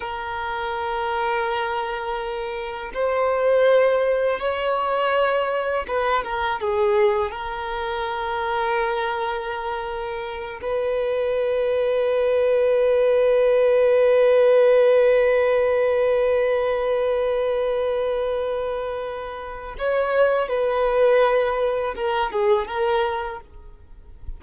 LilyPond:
\new Staff \with { instrumentName = "violin" } { \time 4/4 \tempo 4 = 82 ais'1 | c''2 cis''2 | b'8 ais'8 gis'4 ais'2~ | ais'2~ ais'8 b'4.~ |
b'1~ | b'1~ | b'2. cis''4 | b'2 ais'8 gis'8 ais'4 | }